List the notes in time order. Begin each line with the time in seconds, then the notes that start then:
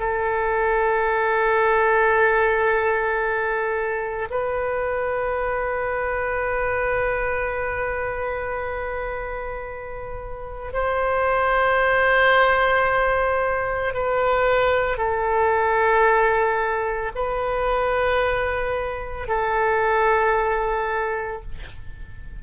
0.00 A4
4.31 B4
10.73 C5
13.94 B4
14.98 A4
17.15 B4
19.28 A4